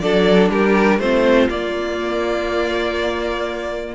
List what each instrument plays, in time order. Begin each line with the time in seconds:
0.00 cello F#3, viola D4, violin A4 D5
0.50 cello G3, violin G4 A#4
0.99 cello A3, viola C4, violin F4 C5
1.49 viola A#3, cello A#3, violin D5